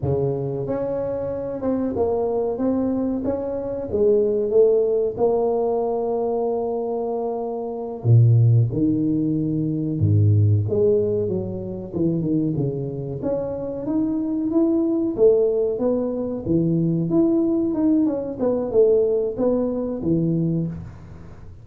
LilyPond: \new Staff \with { instrumentName = "tuba" } { \time 4/4 \tempo 4 = 93 cis4 cis'4. c'8 ais4 | c'4 cis'4 gis4 a4 | ais1~ | ais8 ais,4 dis2 gis,8~ |
gis,8 gis4 fis4 e8 dis8 cis8~ | cis8 cis'4 dis'4 e'4 a8~ | a8 b4 e4 e'4 dis'8 | cis'8 b8 a4 b4 e4 | }